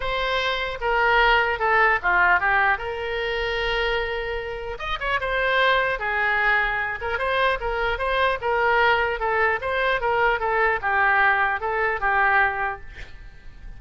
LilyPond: \new Staff \with { instrumentName = "oboe" } { \time 4/4 \tempo 4 = 150 c''2 ais'2 | a'4 f'4 g'4 ais'4~ | ais'1 | dis''8 cis''8 c''2 gis'4~ |
gis'4. ais'8 c''4 ais'4 | c''4 ais'2 a'4 | c''4 ais'4 a'4 g'4~ | g'4 a'4 g'2 | }